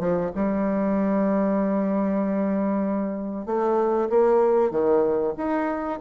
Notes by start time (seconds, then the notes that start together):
0.00 F3
0.35 G3
3.46 A3
4.10 A#3
4.71 D#3
5.38 D#4